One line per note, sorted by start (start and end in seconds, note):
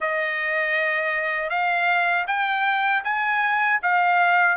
0.00 1.49 D#5
1.49 2.25 F5
2.27 3.03 G5
3.04 3.80 G#5
3.82 4.57 F5